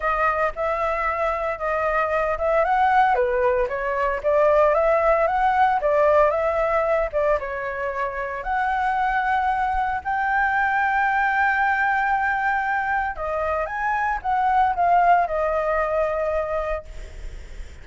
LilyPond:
\new Staff \with { instrumentName = "flute" } { \time 4/4 \tempo 4 = 114 dis''4 e''2 dis''4~ | dis''8 e''8 fis''4 b'4 cis''4 | d''4 e''4 fis''4 d''4 | e''4. d''8 cis''2 |
fis''2. g''4~ | g''1~ | g''4 dis''4 gis''4 fis''4 | f''4 dis''2. | }